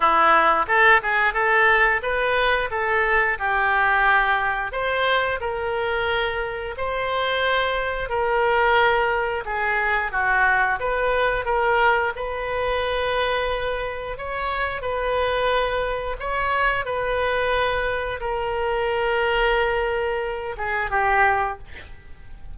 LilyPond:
\new Staff \with { instrumentName = "oboe" } { \time 4/4 \tempo 4 = 89 e'4 a'8 gis'8 a'4 b'4 | a'4 g'2 c''4 | ais'2 c''2 | ais'2 gis'4 fis'4 |
b'4 ais'4 b'2~ | b'4 cis''4 b'2 | cis''4 b'2 ais'4~ | ais'2~ ais'8 gis'8 g'4 | }